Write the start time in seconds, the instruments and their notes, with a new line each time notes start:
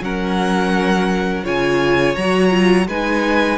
0.00 cello F#3, viola C#4, violin A#4 F#5
1.44 cello C#3, viola F4, violin C#5 G#5
2.16 cello F#3, viola F#4, violin A#5
2.50 viola F4
2.87 cello G#3, viola D#4, violin B4 G#5